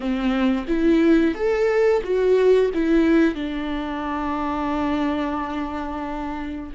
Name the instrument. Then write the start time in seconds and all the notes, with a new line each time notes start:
viola
0.00 C4
0.67 E4
1.34 A4
2.03 F#4
2.74 E4
3.34 D4